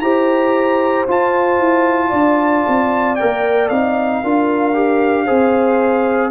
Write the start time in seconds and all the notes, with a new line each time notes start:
0.00 E4 G4 C5 A#5
1.07 F4 A5
1.59 E4
2.09 D4 D5
2.68 C4
3.16 A#4 G5
3.22 A#3
3.69 C4 D#4 F5
4.23 D4 F4 A#4
4.74 G4
5.25 C4 G#4 C5